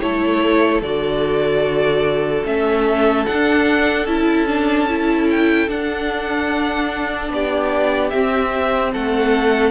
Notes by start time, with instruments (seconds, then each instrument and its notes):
0.00 cello A3, viola E4, violin A4 C#5
0.82 cello D3, viola F#4, violin D5
2.44 cello A3, viola C#4, violin E5
3.26 viola D4, cello D4, violin F#5
4.06 cello C#4, viola E4, violin A5
4.47 viola D4
4.89 viola E4
5.30 violin G5
5.68 cello D4, viola D4, violin F#5
7.30 cello B3, violin G4 D5
8.10 viola C4, cello C4, violin E5
8.93 cello A3, violin A4 F#5